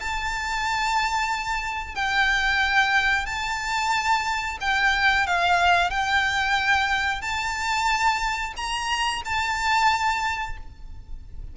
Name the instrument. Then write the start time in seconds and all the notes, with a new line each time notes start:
violin
0.00 A5
1.95 G5
3.26 A5
4.61 G5
5.27 F5
5.90 G5
7.22 A5
8.57 A#5
9.25 A5